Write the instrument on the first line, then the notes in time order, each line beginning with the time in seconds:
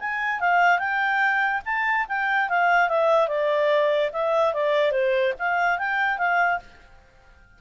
clarinet
0.00 G#5
0.40 F5
0.79 G5
1.66 A5
2.09 G5
2.50 F5
2.89 E5
3.28 D5
4.13 E5
4.54 D5
4.92 C5
5.39 F5
5.79 G5
6.18 F5